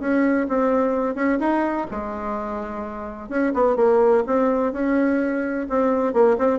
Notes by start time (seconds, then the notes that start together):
0.00 C#4
0.49 C4
1.16 C#4
1.40 D#4
1.91 G#3
3.29 C#4
3.54 B3
3.77 A#3
4.27 C4
4.73 C#4
5.70 C4
6.14 A#3
6.39 C4